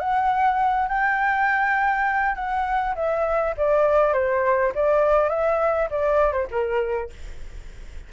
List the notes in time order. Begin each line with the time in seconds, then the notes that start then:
0.00 F#5
0.89 G5
2.36 F#5
2.96 E5
3.58 D5
4.13 C5
4.75 D5
5.30 E5
5.91 D5
6.33 C5
6.51 A#4